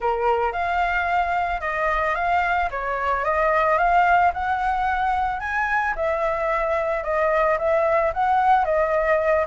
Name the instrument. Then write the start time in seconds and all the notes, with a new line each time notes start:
flute
0.00 A#4
0.52 F5
1.61 D#5
2.15 F5
2.70 C#5
3.24 D#5
3.78 F5
4.33 F#5
5.40 G#5
5.95 E5
7.03 D#5
7.58 E5
8.13 F#5
8.64 D#5